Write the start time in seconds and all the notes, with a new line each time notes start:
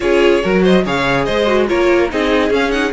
0.00 C#4 F4 G#4 C#5
0.42 F#3 F#4 A#4
0.62 C5 D#5
0.85 C#3 G#4 C#5 F5
1.24 G#3 C5 D#5
1.46 F#4
1.67 A#3 F4 A#4 C#5
2.09 C4 D#4 G#4 D#5
2.50 C#4 F5
2.70 D#4 F#5